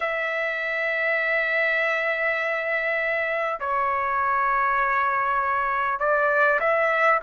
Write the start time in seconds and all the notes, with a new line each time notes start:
0.00 E5
3.59 C#5
5.99 D5
6.60 E5